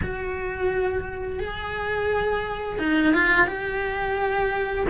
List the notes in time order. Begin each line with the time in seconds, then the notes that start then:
0.02 F#4
1.40 G#4
2.78 D#4
3.13 F4
3.47 G4